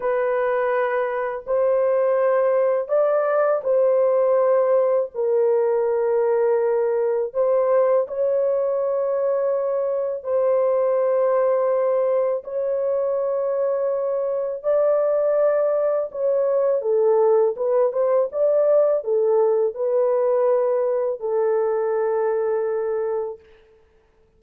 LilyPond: \new Staff \with { instrumentName = "horn" } { \time 4/4 \tempo 4 = 82 b'2 c''2 | d''4 c''2 ais'4~ | ais'2 c''4 cis''4~ | cis''2 c''2~ |
c''4 cis''2. | d''2 cis''4 a'4 | b'8 c''8 d''4 a'4 b'4~ | b'4 a'2. | }